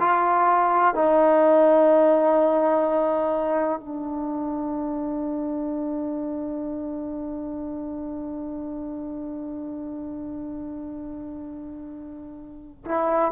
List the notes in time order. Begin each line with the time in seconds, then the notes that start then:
0.00 F4
0.95 D#4
3.80 D4
12.85 E4